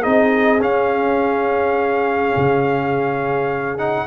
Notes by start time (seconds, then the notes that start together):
0.00 C4 D#4 G#4 D#5
0.61 C#4 F5
2.37 C#3
3.78 D#4 F#5